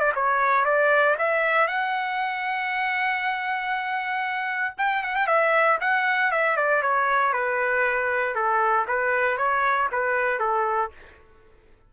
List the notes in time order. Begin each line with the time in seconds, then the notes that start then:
0.00 D5
0.15 C#5
0.65 D5
1.18 E5
1.68 F#5
4.78 G5
5.03 F#5
5.16 G5
5.27 E5
5.81 F#5
6.31 E5
6.57 D5
6.83 C#5
7.33 B4
8.35 A4
8.88 B4
9.38 C#5
9.92 B4
10.40 A4